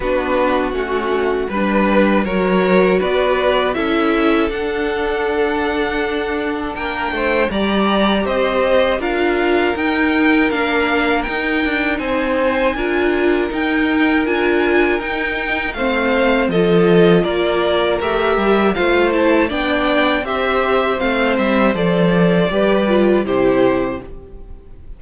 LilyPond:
<<
  \new Staff \with { instrumentName = "violin" } { \time 4/4 \tempo 4 = 80 b'4 fis'4 b'4 cis''4 | d''4 e''4 fis''2~ | fis''4 g''4 ais''4 dis''4 | f''4 g''4 f''4 g''4 |
gis''2 g''4 gis''4 | g''4 f''4 dis''4 d''4 | e''4 f''8 a''8 g''4 e''4 | f''8 e''8 d''2 c''4 | }
  \new Staff \with { instrumentName = "violin" } { \time 4/4 fis'2 b'4 ais'4 | b'4 a'2.~ | a'4 ais'8 c''8 d''4 c''4 | ais'1 |
c''4 ais'2.~ | ais'4 c''4 a'4 ais'4~ | ais'4 c''4 d''4 c''4~ | c''2 b'4 g'4 | }
  \new Staff \with { instrumentName = "viola" } { \time 4/4 d'4 cis'4 d'4 fis'4~ | fis'4 e'4 d'2~ | d'2 g'2 | f'4 dis'4 d'4 dis'4~ |
dis'4 f'4 dis'4 f'4 | dis'4 c'4 f'2 | g'4 f'8 e'8 d'4 g'4 | c'4 a'4 g'8 f'8 e'4 | }
  \new Staff \with { instrumentName = "cello" } { \time 4/4 b4 a4 g4 fis4 | b4 cis'4 d'2~ | d'4 ais8 a8 g4 c'4 | d'4 dis'4 ais4 dis'8 d'8 |
c'4 d'4 dis'4 d'4 | dis'4 a4 f4 ais4 | a8 g8 a4 b4 c'4 | a8 g8 f4 g4 c4 | }
>>